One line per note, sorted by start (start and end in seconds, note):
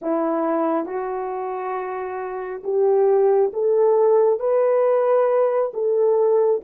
0.01 0.85 E4
0.85 2.62 F#4
2.63 3.51 G4
3.53 4.39 A4
4.39 5.72 B4
5.73 6.61 A4